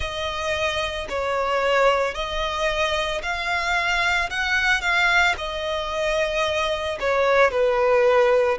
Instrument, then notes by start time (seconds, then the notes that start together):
violin
0.00 D#5
1.09 C#5
2.14 D#5
3.22 F5
4.30 F#5
4.81 F5
5.37 D#5
6.99 C#5
7.50 B4